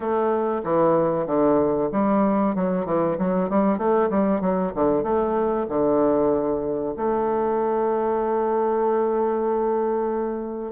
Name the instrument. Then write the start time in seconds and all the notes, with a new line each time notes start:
bassoon
0.00 A3
0.64 E3
1.26 D3
1.91 G3
2.55 F#3
2.85 E3
3.18 F#3
3.49 G3
3.78 A3
4.10 G3
4.40 F#3
4.75 D3
5.03 A3
5.68 D3
6.96 A3